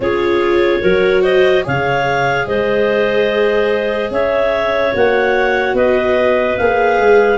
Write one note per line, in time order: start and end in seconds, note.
0.00 0.79 C#4
0.00 0.82 F4
0.00 0.81 G#4
0.00 1.23 C#5
0.81 1.65 F#3
0.81 1.63 F#4
0.81 1.22 A#4
1.22 1.63 C5
1.22 1.64 D#5
1.63 2.46 C#3
1.63 4.92 G#4
1.63 2.47 C#5
1.63 2.47 F5
2.46 4.10 G#3
2.46 4.11 C5
2.46 4.11 D#5
4.10 4.92 C#4
4.10 5.75 C#5
4.10 4.94 E5
4.92 5.73 A#3
4.92 6.57 F#4
4.92 5.76 F#5
5.73 6.55 B3
5.73 7.37 B4
5.73 6.57 D#5
6.57 6.99 A#3
6.57 7.37 G#4
6.57 7.37 F5
6.99 7.37 G#3